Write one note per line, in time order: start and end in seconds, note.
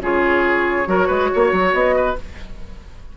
0.00 0.86 C#3
0.00 0.86 F4
0.00 0.88 G#4
0.00 1.73 C#5
0.86 1.08 F#3
0.86 2.15 F#4
0.86 1.07 A#4
1.07 1.31 G#3
1.07 1.28 B4
1.33 1.52 A#3
1.33 1.95 C#5
1.52 1.73 F#3
1.73 2.16 B3
1.73 2.16 D#5
1.95 2.17 B4